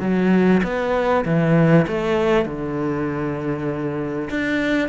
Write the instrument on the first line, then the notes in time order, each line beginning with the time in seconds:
cello
0.00 F#3
0.63 B3
1.25 E3
1.87 A3
2.45 D3
4.30 D4